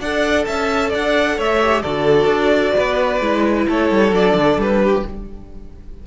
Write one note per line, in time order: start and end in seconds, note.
0.00 0.46 D4
0.00 1.62 A4
0.00 0.46 D5
0.00 0.45 F#5
0.45 0.94 C#4
0.45 0.90 E5
0.45 0.91 A5
0.90 1.38 D4
0.90 1.35 D5
0.90 1.40 F#5
1.38 1.84 A3
1.38 1.83 C#5
1.38 1.82 E5
1.62 1.85 G4
1.82 2.26 D3
1.82 3.21 F#4
1.82 2.74 A4
1.82 3.66 D5
2.26 2.72 D4
2.77 3.21 B3
2.77 3.68 B4
3.21 3.67 G#3
3.21 4.13 E4
3.68 3.91 A3
3.68 4.82 A4
3.68 4.15 C#5
3.91 4.12 G3
4.12 4.34 F#3
4.12 5.04 D4
4.12 4.60 D5
4.34 4.57 D3
4.57 5.03 G3
4.57 5.07 B4
4.84 5.07 G4